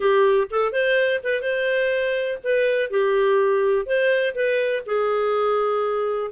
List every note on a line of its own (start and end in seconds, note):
0.00 0.47 G4
0.50 0.72 A4
0.72 1.20 C5
1.23 1.41 B4
1.41 2.38 C5
2.43 2.90 B4
2.90 3.86 G4
3.86 4.34 C5
4.35 4.83 B4
4.86 6.31 G#4